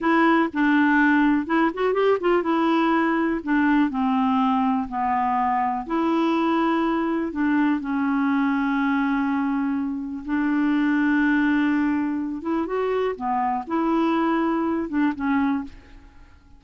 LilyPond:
\new Staff \with { instrumentName = "clarinet" } { \time 4/4 \tempo 4 = 123 e'4 d'2 e'8 fis'8 | g'8 f'8 e'2 d'4 | c'2 b2 | e'2. d'4 |
cis'1~ | cis'4 d'2.~ | d'4. e'8 fis'4 b4 | e'2~ e'8 d'8 cis'4 | }